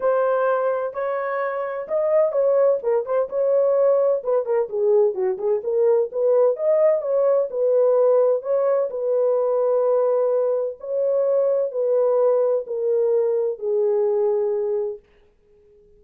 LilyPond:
\new Staff \with { instrumentName = "horn" } { \time 4/4 \tempo 4 = 128 c''2 cis''2 | dis''4 cis''4 ais'8 c''8 cis''4~ | cis''4 b'8 ais'8 gis'4 fis'8 gis'8 | ais'4 b'4 dis''4 cis''4 |
b'2 cis''4 b'4~ | b'2. cis''4~ | cis''4 b'2 ais'4~ | ais'4 gis'2. | }